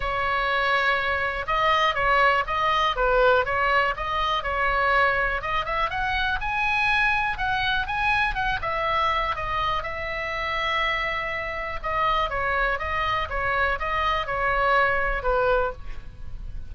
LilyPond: \new Staff \with { instrumentName = "oboe" } { \time 4/4 \tempo 4 = 122 cis''2. dis''4 | cis''4 dis''4 b'4 cis''4 | dis''4 cis''2 dis''8 e''8 | fis''4 gis''2 fis''4 |
gis''4 fis''8 e''4. dis''4 | e''1 | dis''4 cis''4 dis''4 cis''4 | dis''4 cis''2 b'4 | }